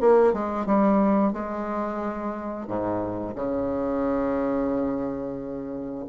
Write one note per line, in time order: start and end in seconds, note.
0.00 0.33 A#3
0.33 0.66 G#3
0.66 1.33 G3
1.33 2.67 G#3
2.67 3.34 G#2
3.35 6.05 C#3